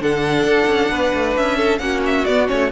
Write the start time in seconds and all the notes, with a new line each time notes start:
0.00 D3 D4 A4 F#5
0.43 D4
0.66 C#4
0.90 B3 B4
1.14 A3
1.37 C#4 E5
1.57 A4
1.78 A#3 C#4 F#4 F#5
2.06 E5
2.25 B3 D5
2.47 A3 C#4 C#5